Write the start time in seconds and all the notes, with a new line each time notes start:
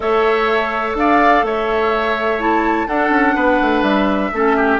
0.00 A3 A4 C#5 E5
0.94 D4 D5 F5
1.42 A3 C#5 E5
2.39 E4 A5
2.87 D4 A4 F#5
3.10 C#4
3.35 B3 B4
3.61 A3
3.82 G3 E5
4.32 A3 C#4 A4
4.56 G4